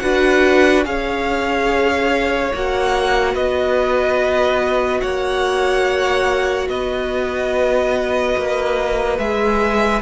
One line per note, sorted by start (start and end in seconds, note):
0.00 0.86 D4
0.00 0.85 F#4
0.00 0.86 B4
0.00 0.83 F#5
0.85 2.52 C#4
0.85 2.51 G#4
0.85 3.34 C#5
0.85 2.53 F5
2.54 3.35 A#3
2.54 9.19 F#4
2.54 3.35 F#5
3.34 5.02 B3
3.34 5.00 B4
3.34 5.02 D#5
5.02 6.69 A#3
5.02 6.68 C#5
5.02 6.68 F#5
6.69 8.35 B3
6.69 10.02 B4
6.69 9.19 D#5
8.37 9.19 A#3
9.19 10.02 G#3
9.19 10.02 G#4
9.19 10.02 E5